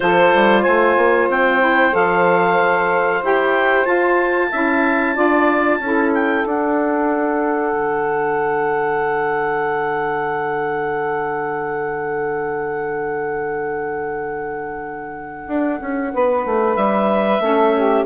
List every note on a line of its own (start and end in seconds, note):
0.00 0.34 F3
0.00 1.59 F4
0.00 0.61 A4
0.00 0.62 C5
0.34 0.66 G3
0.61 0.97 A3
0.61 4.48 C5
0.61 1.27 G#5
0.97 1.28 A#3
1.28 1.93 C4
1.28 1.94 G5
1.59 1.91 E4
1.92 3.22 F3
1.92 3.21 A4
1.92 3.23 F5
3.22 3.86 E4
3.22 3.84 G4
3.22 3.85 G5
3.84 4.48 F4
3.84 4.51 F4
3.84 6.11 A5
4.51 5.17 C#4
4.51 5.15 E4
4.51 5.15 E5
5.15 5.79 D4
5.15 5.79 F4
5.15 5.79 D5
5.79 6.43 C#4
5.79 6.47 E4
5.79 16.14 A4
6.14 6.46 G5
6.45 7.73 D4
6.45 17.41 D4
6.45 16.75 F#5
7.73 15.47 D3
15.47 15.79 D4
15.81 16.13 C#4
16.13 16.45 B3
16.13 17.42 B4
16.45 16.76 A3
16.75 17.40 G3
16.75 18.04 E5
17.40 18.04 A3
17.40 18.05 C#4
17.40 17.75 A4
17.75 18.05 G4